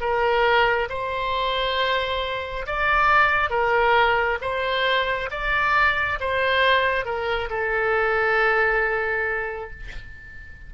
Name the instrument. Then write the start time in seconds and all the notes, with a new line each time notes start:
oboe
0.00 A#4
0.89 C5
2.66 D5
3.50 A#4
4.41 C5
5.31 D5
6.20 C5
7.05 A#4
7.50 A4